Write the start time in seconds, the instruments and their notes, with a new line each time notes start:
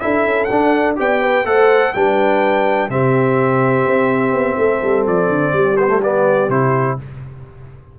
0.00 tuba D4, trombone E4, horn A4, trumpet E5
0.26 tuba C#4
0.45 tuba D4, trumpet F#5
0.51 trombone D4
0.96 tuba B3, trombone G4, horn D5, trumpet G5
1.22 horn B4
1.45 tuba A3, trombone A4, horn C5, trumpet F#5
1.93 tuba G3, trombone D4, horn B4, trumpet G5
2.89 tuba C3, trombone C4, horn G4, trumpet E5
3.86 tuba C4
4.33 tuba B3
4.58 tuba A3, horn A4
4.83 tuba G3
5.06 tuba F3, trumpet D5
5.29 tuba D3
5.53 tuba G3, horn G4
5.77 trombone B3, trumpet C5
5.88 trombone A3
6.03 trombone B3, trumpet D5
6.49 tuba C3, trombone E4, trumpet C5